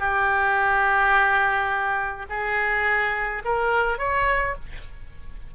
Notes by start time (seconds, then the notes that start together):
0.00 G4
2.30 G#4
3.45 A#4
3.99 C#5